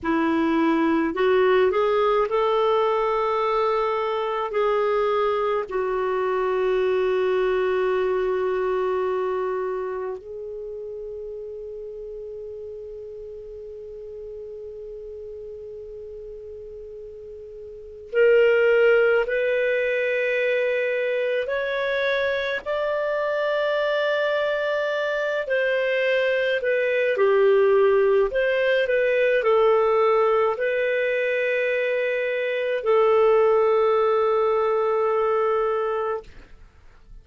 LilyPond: \new Staff \with { instrumentName = "clarinet" } { \time 4/4 \tempo 4 = 53 e'4 fis'8 gis'8 a'2 | gis'4 fis'2.~ | fis'4 gis'2.~ | gis'1 |
ais'4 b'2 cis''4 | d''2~ d''8 c''4 b'8 | g'4 c''8 b'8 a'4 b'4~ | b'4 a'2. | }